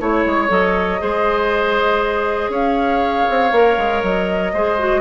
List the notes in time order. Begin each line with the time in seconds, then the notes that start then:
0.00 A3 E4 C#5
0.26 G#3
0.49 F#3 A4 D#5
0.99 G#3 G#4 C5
2.49 C#4 C#5 F5
3.30 C4
3.52 A#3 A#4
3.77 G#3
4.03 F#3 D#5
4.53 G#3 G#4 C5
4.79 F#4